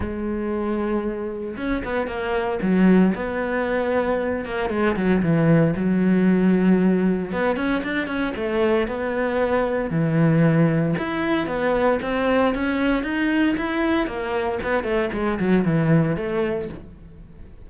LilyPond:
\new Staff \with { instrumentName = "cello" } { \time 4/4 \tempo 4 = 115 gis2. cis'8 b8 | ais4 fis4 b2~ | b8 ais8 gis8 fis8 e4 fis4~ | fis2 b8 cis'8 d'8 cis'8 |
a4 b2 e4~ | e4 e'4 b4 c'4 | cis'4 dis'4 e'4 ais4 | b8 a8 gis8 fis8 e4 a4 | }